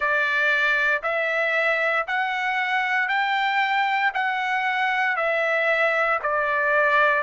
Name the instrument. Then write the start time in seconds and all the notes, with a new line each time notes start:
trumpet
0.00 D5
1.03 E5
2.07 F#5
3.08 G5
4.14 F#5
5.16 E5
6.22 D5